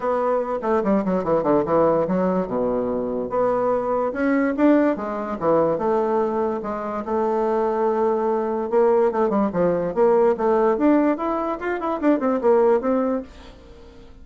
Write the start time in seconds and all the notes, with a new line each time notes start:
0.00 B3
0.62 A3
0.83 G3
1.05 F#3
1.24 E3
1.43 D3
1.65 E3
2.07 F#3
2.47 B2
3.29 B3
4.13 C#4
4.56 D4
4.96 G#3
5.39 E3
5.77 A3
6.62 G#3
7.05 A3
8.70 A#3
9.11 A3
9.29 G3
9.52 F3
9.94 A#3
10.37 A3
10.77 D4
11.17 E4
11.60 F4
11.79 E4
12.01 D4
12.19 C4
12.41 A#3
12.80 C4